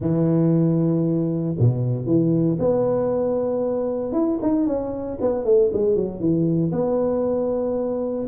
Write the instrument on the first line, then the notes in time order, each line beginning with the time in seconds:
tuba
0.00 E3
1.59 B2
2.05 E3
2.59 B3
4.12 E4
4.42 D#4
4.66 C#4
5.20 B3
5.45 A3
5.73 G#3
5.95 F#3
6.20 E3
6.72 B3